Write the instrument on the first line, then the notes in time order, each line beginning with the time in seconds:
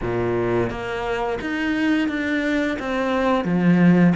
cello
0.01 A#2
0.70 A#3
1.41 D#4
2.08 D4
2.79 C4
3.44 F3